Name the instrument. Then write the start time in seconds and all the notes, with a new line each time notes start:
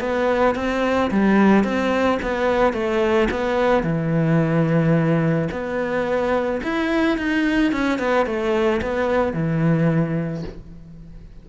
cello
0.00 B3
0.55 C4
1.11 G3
1.64 C4
2.23 B3
2.73 A3
3.31 B3
3.83 E3
5.51 B3
6.63 E4
7.18 D#4
7.72 C#4
7.99 B3
8.26 A3
8.81 B3
9.33 E3